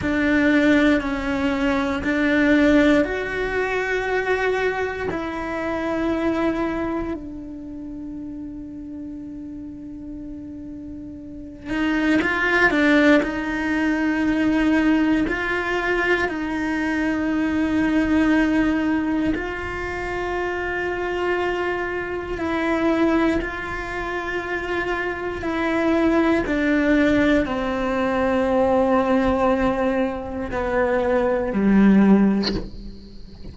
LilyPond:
\new Staff \with { instrumentName = "cello" } { \time 4/4 \tempo 4 = 59 d'4 cis'4 d'4 fis'4~ | fis'4 e'2 d'4~ | d'2.~ d'8 dis'8 | f'8 d'8 dis'2 f'4 |
dis'2. f'4~ | f'2 e'4 f'4~ | f'4 e'4 d'4 c'4~ | c'2 b4 g4 | }